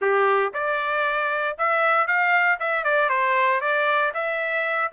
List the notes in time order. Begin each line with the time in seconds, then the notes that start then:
0.01 G4
0.53 D5
1.58 E5
2.07 F5
2.59 E5
2.84 D5
3.09 C5
3.60 D5
4.14 E5